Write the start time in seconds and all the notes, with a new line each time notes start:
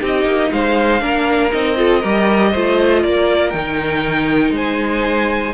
0.00 C4 D#4 G4 D#5
0.25 A#3
0.52 G#3 C5 F5
1.00 A#3 D4 A#4
1.52 C4 D#4 D#5
1.76 F4 A4
2.00 G3 G4 A#4
2.51 A3 F4 C5
3.03 A#3 A#4 D5
3.50 D#3 D#4 G5
4.51 G#3 C5 G#5